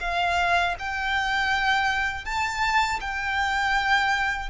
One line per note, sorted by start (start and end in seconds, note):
0.00 0.75 F5
0.79 2.25 G5
2.25 3.00 A5
3.00 4.50 G5